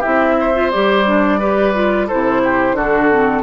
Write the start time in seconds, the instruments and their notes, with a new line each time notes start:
0.00 clarinet E4, oboe G4, flute E5
0.07 bassoon C4
0.40 oboe C5
0.54 clarinet F4
0.71 bassoon G3, clarinet G4, flute D5
1.06 clarinet D4
1.40 clarinet G4, oboe B4
1.74 clarinet F4
2.08 bassoon C3, clarinet E4, oboe A4, flute C5
2.44 oboe G4
2.73 bassoon D3, clarinet D4, oboe F#4, flute A4
3.11 clarinet C4